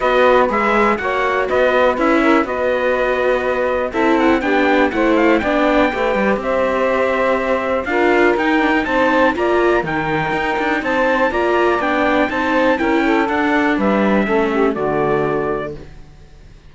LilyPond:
<<
  \new Staff \with { instrumentName = "trumpet" } { \time 4/4 \tempo 4 = 122 dis''4 e''4 fis''4 dis''4 | e''4 dis''2. | e''8 fis''8 g''4 fis''8 f''8 g''4~ | g''4 e''2. |
f''4 g''4 a''4 ais''4 | g''2 a''4 ais''4 | g''4 a''4 g''4 fis''4 | e''2 d''2 | }
  \new Staff \with { instrumentName = "saxophone" } { \time 4/4 b'2 cis''4 b'4~ | b'8 ais'8 b'2. | a'4 g'4 c''4 d''4 | b'4 c''2. |
ais'2 c''4 d''4 | ais'2 c''4 d''4~ | d''4 c''4 ais'8 a'4. | b'4 a'8 g'8 fis'2 | }
  \new Staff \with { instrumentName = "viola" } { \time 4/4 fis'4 gis'4 fis'2 | e'4 fis'2. | e'4 d'4 e'4 d'4 | g'1 |
f'4 dis'8 d'16 dis'4~ dis'16 f'4 | dis'2. f'4 | d'4 dis'4 e'4 d'4~ | d'4 cis'4 a2 | }
  \new Staff \with { instrumentName = "cello" } { \time 4/4 b4 gis4 ais4 b4 | cis'4 b2. | c'4 b4 a4 b4 | a8 g8 c'2. |
d'4 dis'4 c'4 ais4 | dis4 dis'8 d'8 c'4 ais4 | b4 c'4 cis'4 d'4 | g4 a4 d2 | }
>>